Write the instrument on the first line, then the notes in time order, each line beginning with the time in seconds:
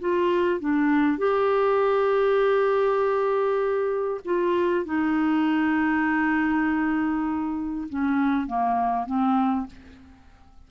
clarinet
0.00 F4
0.60 D4
1.18 G4
4.25 F4
4.85 D#4
7.89 C#4
8.47 A#3
9.06 C4